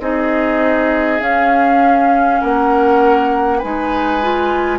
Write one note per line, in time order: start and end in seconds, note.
0.00 1.20 C4
0.00 1.20 D#4
0.00 2.41 G#4
0.00 1.21 D#5
1.20 3.60 C#4
1.20 2.41 C#4
1.20 2.41 F5
2.41 3.63 A#3
2.41 3.58 A#4
2.41 3.59 F#5
3.58 4.79 G#3
3.58 4.22 D#4
3.58 4.78 B4
3.58 4.79 G#5
4.22 4.79 F4